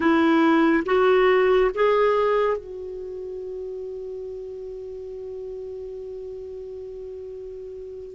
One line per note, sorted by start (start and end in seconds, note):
0.00 0.83 E4
0.85 1.71 F#4
1.74 2.57 G#4
2.57 8.14 F#4